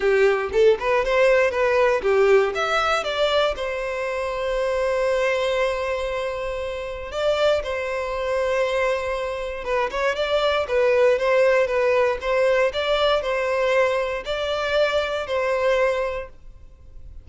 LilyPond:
\new Staff \with { instrumentName = "violin" } { \time 4/4 \tempo 4 = 118 g'4 a'8 b'8 c''4 b'4 | g'4 e''4 d''4 c''4~ | c''1~ | c''2 d''4 c''4~ |
c''2. b'8 cis''8 | d''4 b'4 c''4 b'4 | c''4 d''4 c''2 | d''2 c''2 | }